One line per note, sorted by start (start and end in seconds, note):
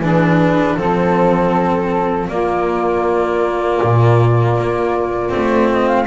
0.00 0.76 E3
0.00 0.79 D4
0.00 0.75 G#4
0.00 0.76 B4
0.75 2.28 F3
0.75 2.30 C4
0.75 2.27 A4
0.75 2.28 A4
2.28 3.80 A#3
2.28 5.30 A#3
2.28 6.07 F4
2.28 5.72 D5
3.82 4.58 A#2
4.58 5.34 A#3
5.30 6.07 A3
5.30 6.06 C4
5.72 5.88 D#5
5.88 6.07 F5